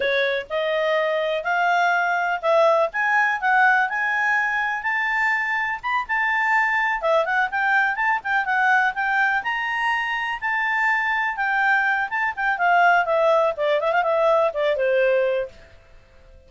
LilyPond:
\new Staff \with { instrumentName = "clarinet" } { \time 4/4 \tempo 4 = 124 cis''4 dis''2 f''4~ | f''4 e''4 gis''4 fis''4 | gis''2 a''2 | b''8 a''2 e''8 fis''8 g''8~ |
g''8 a''8 g''8 fis''4 g''4 ais''8~ | ais''4. a''2 g''8~ | g''4 a''8 g''8 f''4 e''4 | d''8 e''16 f''16 e''4 d''8 c''4. | }